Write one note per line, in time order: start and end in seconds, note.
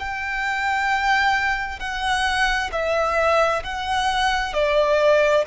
0.00 1.80 G5
1.80 2.71 F#5
2.73 3.64 E5
3.64 4.54 F#5
4.54 5.45 D5